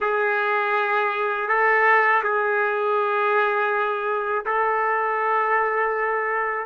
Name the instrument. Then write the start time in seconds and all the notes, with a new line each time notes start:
trumpet
0.00 G#4
1.48 A4
2.23 G#4
4.45 A4